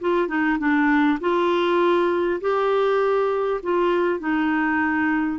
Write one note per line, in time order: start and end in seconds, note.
0.00 0.28 F4
0.28 0.58 D#4
0.58 1.18 D4
1.20 2.40 F4
2.41 3.61 G4
3.62 4.19 F4
4.19 5.39 D#4